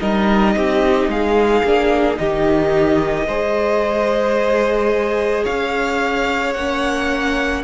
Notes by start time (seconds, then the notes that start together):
0.00 G3 D#4 A#4 D#5
0.56 C4 G4
1.08 G#3 G#4 F5
1.64 A#3 D4
2.15 D#3 D#4 G4 D#5
3.27 G#3 G#4 C5
5.44 C#4 C#5 F5
6.54 A#3 C#4 F#5